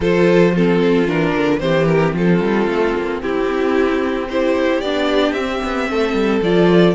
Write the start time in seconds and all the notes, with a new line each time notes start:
0.00 F3 F4 A4 C5
0.52 C4 F4 A4
1.07 E3 D4 A#4
1.35 D3
1.59 E3 C4 G4 C5
1.85 A#4
2.13 F3 F4 A4
2.40 G3
2.67 A3
2.95 A#3
3.21 C4 E4 G4
4.29 E4 G4 C5
4.81 B3 D4 D5
5.32 C4 E5
5.63 B3
5.90 A3 A4
6.13 G3
6.41 F3 F4 D5